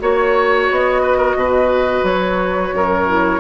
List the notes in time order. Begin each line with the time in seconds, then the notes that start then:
0.00 A#3 F#4 C#5
0.71 B3 D#5
1.03 B4
1.18 A#4
1.36 B2 B4
2.03 F#3 C#5
2.74 F#2 A#4
3.08 E4